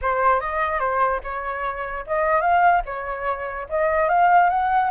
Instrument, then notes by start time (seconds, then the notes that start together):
flute
0.01 C5
0.40 D#5
0.79 C5
1.23 C#5
2.06 D#5
2.41 F5
2.85 C#5
3.69 D#5
4.08 F5
4.49 F#5